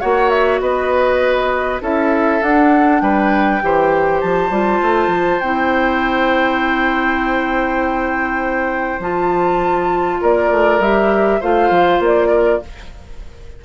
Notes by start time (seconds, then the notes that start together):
0.00 A#3 F#4 C#5 F#5
0.30 E5
0.61 B3 B4 D#5
1.81 C#4 E4 A4 E5
2.42 D4 F#5
3.00 G3 B4 G5
3.61 E3 G4 C5
4.21 F3 A5
4.50 G3 F4
4.82 A3
5.08 F3
5.40 C4 E4 G5
8.99 F3 F4 A5
10.21 A#3 A#4 D5
10.51 A3
10.79 G3 G4 E5
11.40 A3 F4 C5 F5
11.70 F3
11.99 A#3 D5
12.28 A#4